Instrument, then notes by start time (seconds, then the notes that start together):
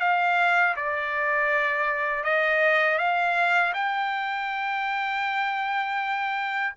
trumpet
0.00 F5
0.76 D5
2.24 D#5
2.98 F5
3.74 G5